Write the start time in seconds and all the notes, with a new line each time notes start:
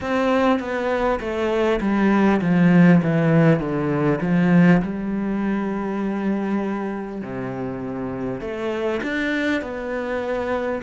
0.01 C4
0.59 B3
1.20 A3
1.81 G3
2.41 F3
3.03 E3
3.59 D3
4.21 F3
4.82 G3
7.21 C3
8.40 A3
9.03 D4
9.61 B3